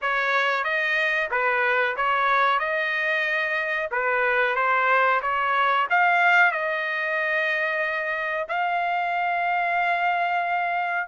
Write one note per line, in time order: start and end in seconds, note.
0.01 0.63 C#5
0.63 1.29 D#5
1.30 1.96 B4
1.96 2.59 C#5
2.59 3.89 D#5
3.91 4.55 B4
4.55 5.20 C5
5.21 5.87 C#5
5.90 6.51 F5
6.51 8.47 D#5
8.48 11.07 F5